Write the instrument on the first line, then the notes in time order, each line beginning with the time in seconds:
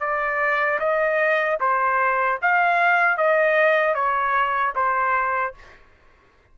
trumpet
0.00 D5
0.79 D#5
1.60 C5
2.42 F5
3.17 D#5
3.94 C#5
4.75 C5